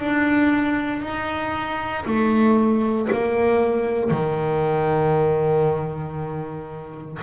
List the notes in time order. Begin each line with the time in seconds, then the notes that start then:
0.00 D4
1.02 D#4
2.06 A3
3.12 A#3
4.11 D#3